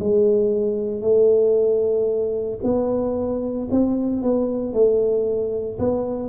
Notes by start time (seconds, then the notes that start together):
0.00 G#3
1.01 A3
2.64 B3
3.71 C4
4.23 B3
4.74 A3
5.79 B3